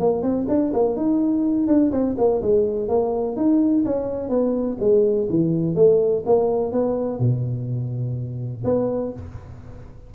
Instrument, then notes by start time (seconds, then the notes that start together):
tuba
0.00 A#3
0.23 C4
0.48 D4
0.74 A#3
0.97 D#4
1.67 D4
1.92 C4
2.18 A#3
2.42 G#3
2.88 A#3
3.37 D#4
3.86 C#4
4.30 B3
4.80 G#3
5.30 E3
5.76 A3
6.26 A#3
6.72 B3
7.20 B2
8.65 B3